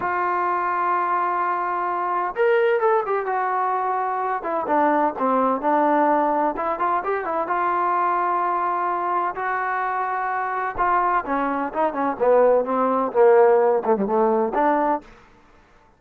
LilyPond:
\new Staff \with { instrumentName = "trombone" } { \time 4/4 \tempo 4 = 128 f'1~ | f'4 ais'4 a'8 g'8 fis'4~ | fis'4. e'8 d'4 c'4 | d'2 e'8 f'8 g'8 e'8 |
f'1 | fis'2. f'4 | cis'4 dis'8 cis'8 b4 c'4 | ais4. a16 g16 a4 d'4 | }